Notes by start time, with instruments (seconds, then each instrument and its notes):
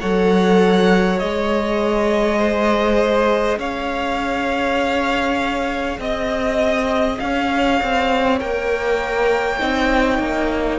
0.00 cello F#3, viola A4, violin C#5 F#5
1.19 cello G#3, viola G#4, violin D#5
2.38 violin C5
3.58 cello C#4, violin C#5 F5
5.98 cello C4, violin D#5
6.04 violin D#5
7.19 cello C#4, violin C#5 F5
7.82 cello C4
8.39 cello A#3, viola A#4, violin G5
9.59 cello C4, viola D#4
10.18 cello A#3